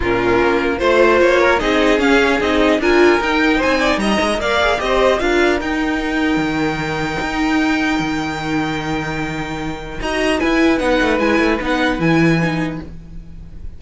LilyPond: <<
  \new Staff \with { instrumentName = "violin" } { \time 4/4 \tempo 4 = 150 ais'2 c''4 cis''4 | dis''4 f''4 dis''4 gis''4 | g''4 gis''4 ais''4 f''4 | dis''4 f''4 g''2~ |
g''1~ | g''1~ | g''4 ais''4 gis''4 fis''4 | gis''4 fis''4 gis''2 | }
  \new Staff \with { instrumentName = "violin" } { \time 4/4 f'2 c''4. ais'8 | gis'2. ais'4~ | ais'4 c''8 d''8 dis''4 d''4 | c''4 ais'2.~ |
ais'1~ | ais'1~ | ais'4 dis''4 b'2~ | b'1 | }
  \new Staff \with { instrumentName = "viola" } { \time 4/4 cis'2 f'2 | dis'4 cis'4 dis'4 f'4 | dis'2. ais'8 gis'8 | g'4 f'4 dis'2~ |
dis'1~ | dis'1~ | dis'4 fis'4 e'4 dis'4 | e'4 dis'4 e'4 dis'4 | }
  \new Staff \with { instrumentName = "cello" } { \time 4/4 ais,4 ais4 a4 ais4 | c'4 cis'4 c'4 d'4 | dis'4 c'4 g8 gis8 ais4 | c'4 d'4 dis'2 |
dis2 dis'2 | dis1~ | dis4 dis'4 e'4 b8 a8 | gis8 a8 b4 e2 | }
>>